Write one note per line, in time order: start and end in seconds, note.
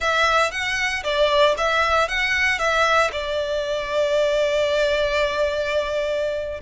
0.00 0.51 E5
0.51 1.03 F#5
1.03 1.55 D5
1.57 2.08 E5
2.08 2.59 F#5
2.59 3.10 E5
3.12 6.61 D5